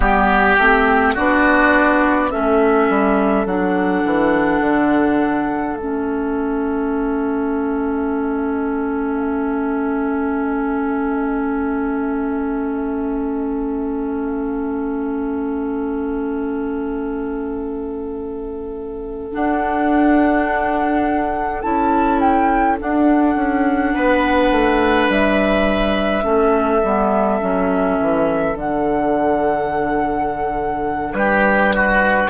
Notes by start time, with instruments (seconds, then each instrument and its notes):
0.00 bassoon G3, clarinet B3, flute G4, oboe G4
0.58 bassoon A3, clarinet C4
1.14 bassoon B3, clarinet D4, oboe F#4, flute D5
2.30 bassoon A3, clarinet C#4, oboe A4, flute E5
2.89 bassoon G3
3.45 bassoon F#3, clarinet D4, flute F#5
4.05 bassoon E3
4.60 bassoon D3
5.74 bassoon A3, clarinet C#4, flute E5
19.32 clarinet D4, bassoon D4, flute F#5
21.62 bassoon C#4, clarinet E4, flute A5
22.19 flute G5
22.78 clarinet D4, bassoon D4, flute F#5
23.35 bassoon C#4
23.94 bassoon B3, oboe B4
24.51 bassoon A3
25.08 bassoon G3, flute E5
26.23 bassoon A3, clarinet C#4, oboe A4
26.83 bassoon G3, clarinet B3
27.40 bassoon F#3, clarinet C#4
28.00 bassoon E3
28.54 bassoon D3, clarinet D4, flute F#5
31.13 bassoon G3, oboe G4, flute B4
31.75 oboe F#4